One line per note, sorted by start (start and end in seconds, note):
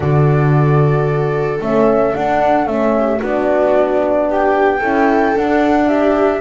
0.00 1.60 D3
0.00 1.60 F#4
0.00 2.96 A4
0.00 1.59 D5
1.60 2.13 A3
1.60 2.13 C#4
1.60 2.14 E5
2.13 2.66 D4
2.13 2.67 D4
2.13 2.67 F#5
2.66 3.20 A3
2.66 3.20 C#4
2.66 3.21 E5
2.96 3.19 G4
3.19 4.82 B3
3.19 4.81 D4
3.19 4.26 F#4
3.19 4.29 D5
4.29 4.79 G4
4.29 5.36 G5
4.79 5.35 C#4
4.79 5.35 E4
4.79 5.86 A4
5.35 6.41 D4
5.35 5.88 F#5
5.88 6.41 G4
5.88 6.41 E5